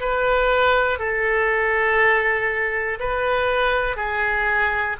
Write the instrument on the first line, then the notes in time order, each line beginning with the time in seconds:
oboe
0.00 B4
0.99 A4
3.00 B4
3.96 G#4